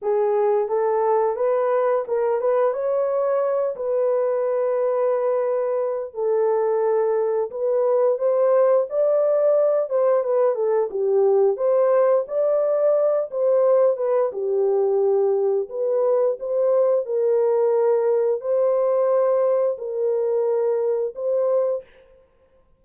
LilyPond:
\new Staff \with { instrumentName = "horn" } { \time 4/4 \tempo 4 = 88 gis'4 a'4 b'4 ais'8 b'8 | cis''4. b'2~ b'8~ | b'4 a'2 b'4 | c''4 d''4. c''8 b'8 a'8 |
g'4 c''4 d''4. c''8~ | c''8 b'8 g'2 b'4 | c''4 ais'2 c''4~ | c''4 ais'2 c''4 | }